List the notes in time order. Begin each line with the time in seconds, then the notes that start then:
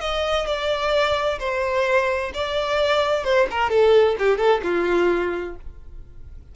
0.00 D#5
0.46 D5
1.39 C5
2.34 D5
3.23 C5
3.50 A#4
3.70 A4
4.19 G4
4.37 A4
4.63 F4